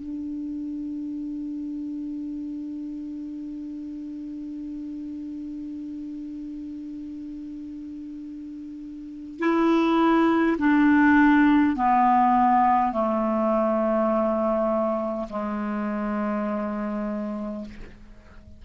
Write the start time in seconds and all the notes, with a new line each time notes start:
0.00 D4
9.40 E4
10.59 D4
11.76 B3
12.93 A3
15.30 G#3